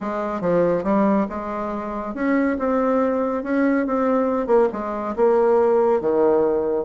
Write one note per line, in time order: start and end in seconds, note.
0.00 0.41 G#3
0.41 0.83 F3
0.83 1.26 G3
1.29 2.14 G#3
2.14 2.57 C#4
2.59 3.43 C4
3.43 3.86 C#4
3.86 4.46 C4
4.46 4.68 A#3
4.72 5.15 G#3
5.15 6.00 A#3
6.00 6.84 D#3